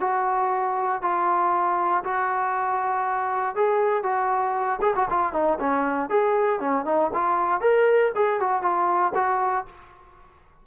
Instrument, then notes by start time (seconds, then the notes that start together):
trombone
0.00 F#4
1.02 F4
2.04 F#4
3.55 G#4
4.03 F#4
4.81 G#4
4.95 F#4
5.10 F4
5.33 D#4
5.59 C#4
6.09 G#4
6.60 C#4
6.85 D#4
7.13 F4
7.61 A#4
8.15 G#4
8.40 F#4
8.62 F4
9.15 F#4